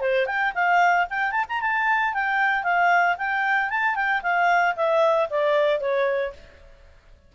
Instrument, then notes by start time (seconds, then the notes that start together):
clarinet
0.00 C5
0.26 G5
0.54 F5
1.10 G5
1.31 A5
1.48 A#5
1.61 A5
2.14 G5
2.63 F5
3.18 G5
3.70 A5
3.95 G5
4.22 F5
4.76 E5
5.30 D5
5.80 C#5